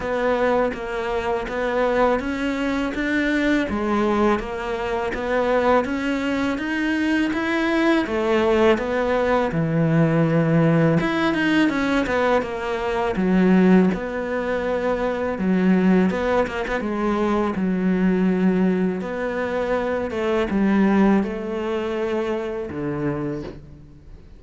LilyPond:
\new Staff \with { instrumentName = "cello" } { \time 4/4 \tempo 4 = 82 b4 ais4 b4 cis'4 | d'4 gis4 ais4 b4 | cis'4 dis'4 e'4 a4 | b4 e2 e'8 dis'8 |
cis'8 b8 ais4 fis4 b4~ | b4 fis4 b8 ais16 b16 gis4 | fis2 b4. a8 | g4 a2 d4 | }